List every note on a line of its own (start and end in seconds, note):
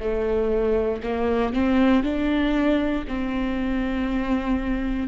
0.00 1.02 A3
1.03 1.53 A#3
1.53 2.03 C4
2.03 3.05 D4
3.08 5.08 C4